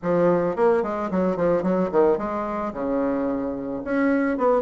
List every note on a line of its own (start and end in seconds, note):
0.02 0.56 F3
0.56 0.82 A#3
0.82 1.10 G#3
1.10 1.36 F#3
1.36 1.62 F3
1.62 1.90 F#3
1.91 2.18 D#3
2.18 2.72 G#3
2.73 3.82 C#3
3.84 4.37 C#4
4.37 4.62 B3